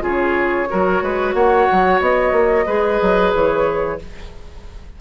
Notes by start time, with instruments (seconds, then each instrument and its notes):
0.00 bassoon C#3, clarinet F4, oboe G#4, flute C#5
0.69 bassoon F#3, clarinet F#4, oboe A#4
1.02 bassoon G#3, oboe B4
1.34 bassoon A#3, oboe C#5, flute F#5
1.72 bassoon F#3
2.00 bassoon B3, flute D#5
2.32 bassoon A#3
2.66 bassoon G#3, clarinet G#4, oboe B4
3.01 bassoon F#3
3.34 bassoon E3, flute C#5